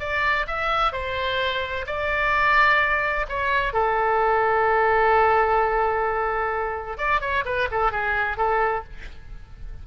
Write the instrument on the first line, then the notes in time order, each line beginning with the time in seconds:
oboe
0.00 D5
0.48 E5
0.93 C5
1.87 D5
3.29 C#5
3.74 A4
6.98 D5
7.21 C#5
7.46 B4
7.72 A4
7.92 G#4
8.38 A4